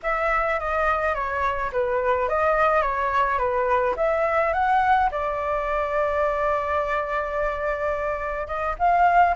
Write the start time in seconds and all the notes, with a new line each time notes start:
0.03 E5
0.59 D#5
1.14 C#5
1.72 B4
2.28 D#5
2.81 C#5
3.38 B4
3.96 E5
4.53 F#5
5.11 D5
8.47 D#5
8.78 F5